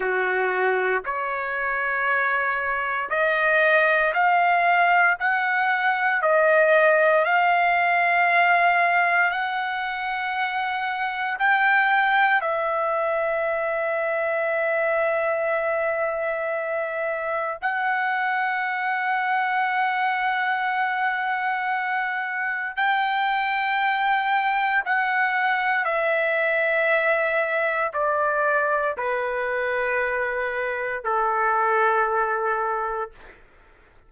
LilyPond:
\new Staff \with { instrumentName = "trumpet" } { \time 4/4 \tempo 4 = 58 fis'4 cis''2 dis''4 | f''4 fis''4 dis''4 f''4~ | f''4 fis''2 g''4 | e''1~ |
e''4 fis''2.~ | fis''2 g''2 | fis''4 e''2 d''4 | b'2 a'2 | }